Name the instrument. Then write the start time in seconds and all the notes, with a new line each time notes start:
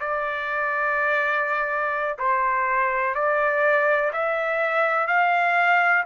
trumpet
0.00 D5
2.19 C5
3.15 D5
4.13 E5
5.07 F5